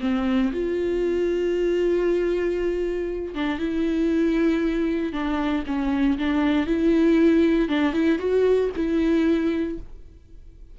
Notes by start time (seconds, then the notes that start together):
0.00 C4
0.52 F4
3.34 D4
3.58 E4
5.12 D4
5.66 C#4
6.18 D4
6.66 E4
7.69 D4
7.93 E4
8.18 F#4
8.76 E4